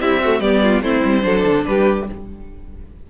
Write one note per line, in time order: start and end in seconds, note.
0.00 0.22 G3
0.00 0.40 C4
0.00 0.21 E4
0.00 0.40 E5
0.21 0.41 A3
0.21 0.41 F#4
0.40 0.81 G3
0.40 0.82 B3
0.40 0.61 G4
0.40 0.81 D5
0.62 0.83 F4
0.81 1.02 A3
0.81 1.22 C4
0.81 1.25 E4
0.81 1.65 C5
1.05 1.24 G3
1.22 1.45 F#3
1.22 2.04 D4
1.22 1.67 A4
1.45 1.66 D3
1.65 2.09 G3
1.65 2.10 G4
1.65 2.06 B4